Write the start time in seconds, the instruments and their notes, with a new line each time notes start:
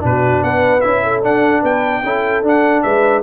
0.00 tuba B2, trombone D4, trumpet B4
0.06 horn F#4
0.43 tuba B3, horn B4, trumpet F#5
0.81 tuba C#4, trombone E4, trumpet E5
1.03 horn A4
1.23 trombone D4, tuba D4, trumpet F#5
1.62 tuba B3, horn B4, trumpet G5
2.03 tuba C#4, trombone E4, horn A4
2.43 tuba D4, trombone D4, trumpet F#5
2.83 tuba G#3, horn B4, trumpet E5